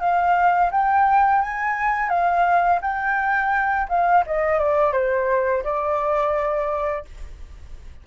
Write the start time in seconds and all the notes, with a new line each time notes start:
0.00 F5
0.72 G5
1.42 G#5
2.09 F5
2.82 G5
3.89 F5
4.26 D#5
4.59 D5
4.93 C5
5.63 D5